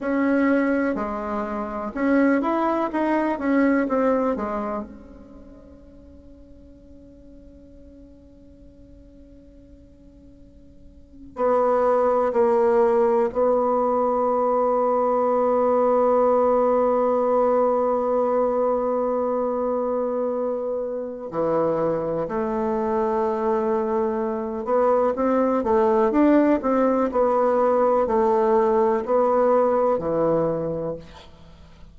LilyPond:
\new Staff \with { instrumentName = "bassoon" } { \time 4/4 \tempo 4 = 62 cis'4 gis4 cis'8 e'8 dis'8 cis'8 | c'8 gis8 cis'2.~ | cis'2.~ cis'8. b16~ | b8. ais4 b2~ b16~ |
b1~ | b2 e4 a4~ | a4. b8 c'8 a8 d'8 c'8 | b4 a4 b4 e4 | }